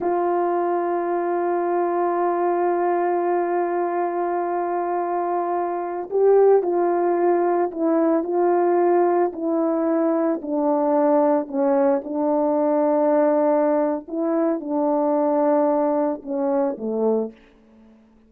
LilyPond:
\new Staff \with { instrumentName = "horn" } { \time 4/4 \tempo 4 = 111 f'1~ | f'1~ | f'2.~ f'16 g'8.~ | g'16 f'2 e'4 f'8.~ |
f'4~ f'16 e'2 d'8.~ | d'4~ d'16 cis'4 d'4.~ d'16~ | d'2 e'4 d'4~ | d'2 cis'4 a4 | }